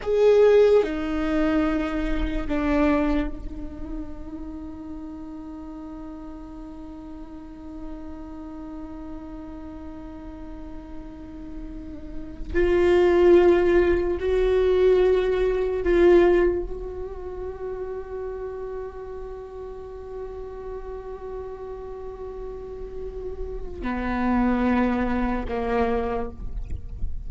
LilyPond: \new Staff \with { instrumentName = "viola" } { \time 4/4 \tempo 4 = 73 gis'4 dis'2 d'4 | dis'1~ | dis'1~ | dis'2.~ dis'16 f'8.~ |
f'4~ f'16 fis'2 f'8.~ | f'16 fis'2.~ fis'8.~ | fis'1~ | fis'4 b2 ais4 | }